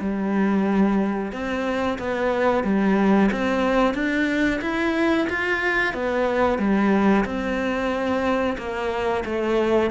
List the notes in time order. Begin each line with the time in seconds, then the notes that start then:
0.00 G3
1.32 C4
1.98 B3
2.63 G3
3.31 C4
3.94 D4
4.61 E4
5.29 F4
5.93 B3
6.58 G3
7.25 C4
8.58 A#3
9.25 A3